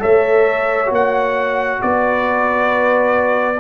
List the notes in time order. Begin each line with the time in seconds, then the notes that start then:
0.00 A3 A4 C#5 E5
0.87 A#3 F#4
0.95 F#5
1.82 B3 B4 D5